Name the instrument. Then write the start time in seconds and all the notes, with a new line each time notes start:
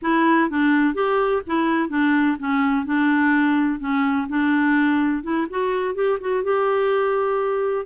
clarinet
0.02 E4
0.50 D4
0.94 G4
1.46 E4
1.89 D4
2.39 C#4
2.85 D4
3.79 C#4
4.29 D4
5.23 E4
5.50 F#4
5.94 G4
6.20 F#4
6.43 G4